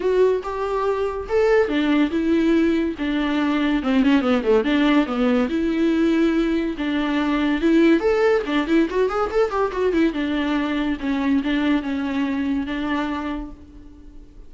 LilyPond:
\new Staff \with { instrumentName = "viola" } { \time 4/4 \tempo 4 = 142 fis'4 g'2 a'4 | d'4 e'2 d'4~ | d'4 c'8 cis'8 b8 a8 d'4 | b4 e'2. |
d'2 e'4 a'4 | d'8 e'8 fis'8 gis'8 a'8 g'8 fis'8 e'8 | d'2 cis'4 d'4 | cis'2 d'2 | }